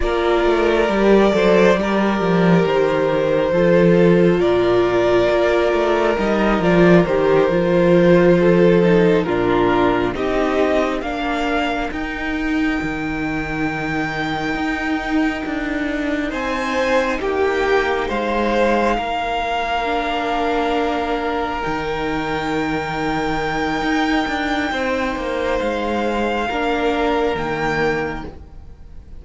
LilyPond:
<<
  \new Staff \with { instrumentName = "violin" } { \time 4/4 \tempo 4 = 68 d''2. c''4~ | c''4 d''2 dis''8 d''8 | c''2~ c''8 ais'4 dis''8~ | dis''8 f''4 g''2~ g''8~ |
g''2~ g''8 gis''4 g''8~ | g''8 f''2.~ f''8~ | f''8 g''2.~ g''8~ | g''4 f''2 g''4 | }
  \new Staff \with { instrumentName = "violin" } { \time 4/4 ais'4. c''8 ais'2 | a'4 ais'2.~ | ais'4. a'4 f'4 g'8~ | g'8 ais'2.~ ais'8~ |
ais'2~ ais'8 c''4 g'8~ | g'8 c''4 ais'2~ ais'8~ | ais'1 | c''2 ais'2 | }
  \new Staff \with { instrumentName = "viola" } { \time 4/4 f'4 g'8 a'8 g'2 | f'2. dis'8 f'8 | g'8 f'4. dis'8 d'4 dis'8~ | dis'8 d'4 dis'2~ dis'8~ |
dis'1~ | dis'2~ dis'8 d'4.~ | d'8 dis'2.~ dis'8~ | dis'2 d'4 ais4 | }
  \new Staff \with { instrumentName = "cello" } { \time 4/4 ais8 a8 g8 fis8 g8 f8 dis4 | f4 ais,4 ais8 a8 g8 f8 | dis8 f2 ais,4 c'8~ | c'8 ais4 dis'4 dis4.~ |
dis8 dis'4 d'4 c'4 ais8~ | ais8 gis4 ais2~ ais8~ | ais8 dis2~ dis8 dis'8 d'8 | c'8 ais8 gis4 ais4 dis4 | }
>>